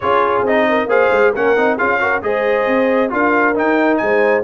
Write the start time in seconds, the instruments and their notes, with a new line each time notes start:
0.00 tuba C#4, trombone F4, horn G#4, trumpet C#5
0.41 tuba C4, trombone D#4, trumpet D#5
0.68 horn A#4
0.86 tuba A#3, trombone G#4, horn C5, trumpet F5
1.11 tuba G#3
1.32 tuba A#3, trombone C#4, horn A#4, trumpet F#5
1.56 tuba C4, trombone D#4
1.75 tuba C#4, trombone F4, horn G#4, trumpet F5
1.99 trombone F#4, horn A#4
2.22 tuba G#3, trombone G#4, horn C5, trumpet D#5
2.67 tuba C4
3.09 tuba D4, trombone F4, horn A#4, trumpet F5
3.54 trombone D#4, tuba D#4, trumpet G5
3.97 tuba G#3, horn C5, trumpet G#5